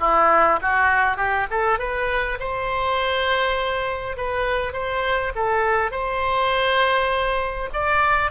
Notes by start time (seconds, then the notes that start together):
0.00 E4
0.62 F#4
1.17 G4
1.50 A4
1.79 B4
2.40 C5
4.17 B4
4.73 C5
5.35 A4
5.91 C5
7.73 D5